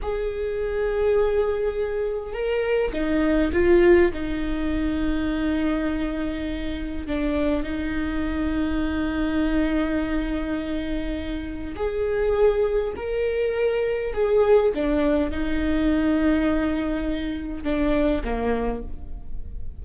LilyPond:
\new Staff \with { instrumentName = "viola" } { \time 4/4 \tempo 4 = 102 gis'1 | ais'4 dis'4 f'4 dis'4~ | dis'1 | d'4 dis'2.~ |
dis'1 | gis'2 ais'2 | gis'4 d'4 dis'2~ | dis'2 d'4 ais4 | }